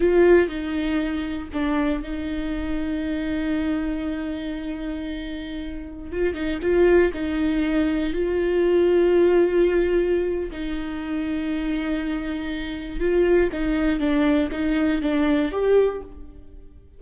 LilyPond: \new Staff \with { instrumentName = "viola" } { \time 4/4 \tempo 4 = 120 f'4 dis'2 d'4 | dis'1~ | dis'1~ | dis'16 f'8 dis'8 f'4 dis'4.~ dis'16~ |
dis'16 f'2.~ f'8.~ | f'4 dis'2.~ | dis'2 f'4 dis'4 | d'4 dis'4 d'4 g'4 | }